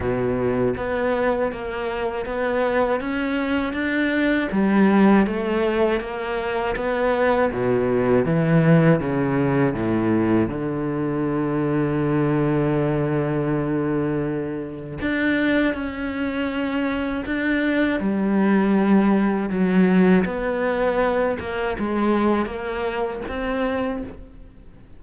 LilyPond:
\new Staff \with { instrumentName = "cello" } { \time 4/4 \tempo 4 = 80 b,4 b4 ais4 b4 | cis'4 d'4 g4 a4 | ais4 b4 b,4 e4 | cis4 a,4 d2~ |
d1 | d'4 cis'2 d'4 | g2 fis4 b4~ | b8 ais8 gis4 ais4 c'4 | }